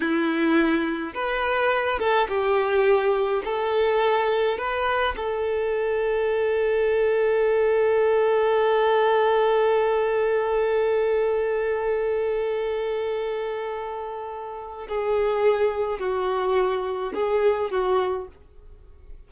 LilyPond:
\new Staff \with { instrumentName = "violin" } { \time 4/4 \tempo 4 = 105 e'2 b'4. a'8 | g'2 a'2 | b'4 a'2.~ | a'1~ |
a'1~ | a'1~ | a'2 gis'2 | fis'2 gis'4 fis'4 | }